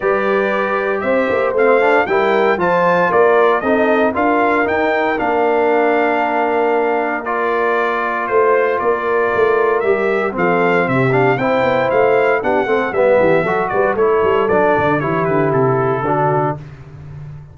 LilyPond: <<
  \new Staff \with { instrumentName = "trumpet" } { \time 4/4 \tempo 4 = 116 d''2 e''4 f''4 | g''4 a''4 d''4 dis''4 | f''4 g''4 f''2~ | f''2 d''2 |
c''4 d''2 e''4 | f''4 e''8 f''8 g''4 f''4 | fis''4 e''4. d''8 cis''4 | d''4 cis''8 b'8 a'2 | }
  \new Staff \with { instrumentName = "horn" } { \time 4/4 b'2 c''2 | ais'4 c''4 ais'4 a'4 | ais'1~ | ais'1 |
c''4 ais'2. | a'4 g'4 c''2 | g'8 a'8 b'8 g'8 a'8 b'8 a'4~ | a'4 g'2 fis'4 | }
  \new Staff \with { instrumentName = "trombone" } { \time 4/4 g'2. c'8 d'8 | e'4 f'2 dis'4 | f'4 dis'4 d'2~ | d'2 f'2~ |
f'2. g'4 | c'4. d'8 e'2 | d'8 c'8 b4 fis'4 e'4 | d'4 e'2 d'4 | }
  \new Staff \with { instrumentName = "tuba" } { \time 4/4 g2 c'8 ais8 a4 | g4 f4 ais4 c'4 | d'4 dis'4 ais2~ | ais1 |
a4 ais4 a4 g4 | f4 c4 c'8 b8 a4 | b8 a8 g8 e8 fis8 g8 a8 g8 | fis8 d8 e8 d8 c4 d4 | }
>>